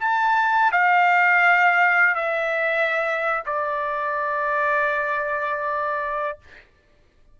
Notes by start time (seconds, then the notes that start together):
0.00 A5
0.72 F5
2.15 E5
3.46 D5